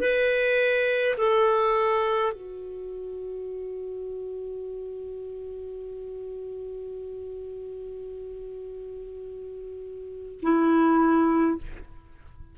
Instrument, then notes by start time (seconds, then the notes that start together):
clarinet
0.00 B4
1.17 A4
2.32 F#4
10.42 E4